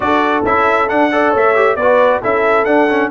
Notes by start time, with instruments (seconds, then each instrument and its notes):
0.00 tuba D4, trombone F#4, horn A4, trumpet D5
0.44 tuba C#4, trombone E4, trumpet E5
0.88 trombone D4, tuba D4, trumpet F#5
1.11 trombone A4, horn D5
1.30 tuba A3, horn C#5
1.36 trumpet E5
1.55 trombone G4
1.75 tuba B3, trombone F#4, horn B4, trumpet D5
2.21 tuba C#4, trombone E4, horn A4, trumpet E5
2.64 tuba D4, trombone D4, trumpet F#5
2.89 trombone C#4